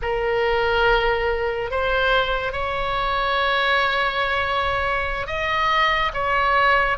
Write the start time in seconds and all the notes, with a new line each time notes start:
0.02 A#4
1.70 C5
2.52 C#5
5.27 D#5
6.13 C#5